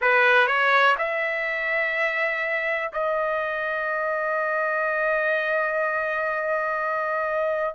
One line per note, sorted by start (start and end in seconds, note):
0.00 0.47 B4
0.47 0.95 C#5
0.98 2.91 E5
2.93 7.75 D#5